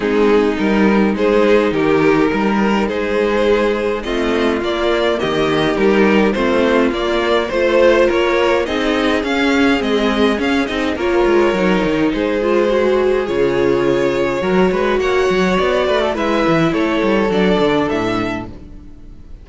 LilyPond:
<<
  \new Staff \with { instrumentName = "violin" } { \time 4/4 \tempo 4 = 104 gis'4 ais'4 c''4 ais'4~ | ais'4 c''2 dis''4 | d''4 dis''4 ais'4 c''4 | d''4 c''4 cis''4 dis''4 |
f''4 dis''4 f''8 dis''8 cis''4~ | cis''4 c''2 cis''4~ | cis''2 fis''4 d''4 | e''4 cis''4 d''4 e''4 | }
  \new Staff \with { instrumentName = "violin" } { \time 4/4 dis'2 gis'4 g'4 | ais'4 gis'2 f'4~ | f'4 g'2 f'4~ | f'4 c''4 ais'4 gis'4~ |
gis'2. ais'4~ | ais'4 gis'2.~ | gis'4 ais'8 b'8 cis''4. b'16 a'16 | b'4 a'2. | }
  \new Staff \with { instrumentName = "viola" } { \time 4/4 c'4 dis'2.~ | dis'2. c'4 | ais2 dis'4 c'4 | ais4 f'2 dis'4 |
cis'4 c'4 cis'8 dis'8 f'4 | dis'4. f'8 fis'4 f'4~ | f'4 fis'2. | e'2 d'2 | }
  \new Staff \with { instrumentName = "cello" } { \time 4/4 gis4 g4 gis4 dis4 | g4 gis2 a4 | ais4 dis4 g4 a4 | ais4 a4 ais4 c'4 |
cis'4 gis4 cis'8 c'8 ais8 gis8 | fis8 dis8 gis2 cis4~ | cis4 fis8 gis8 ais8 fis8 b8 a8 | gis8 e8 a8 g8 fis8 d8 a,4 | }
>>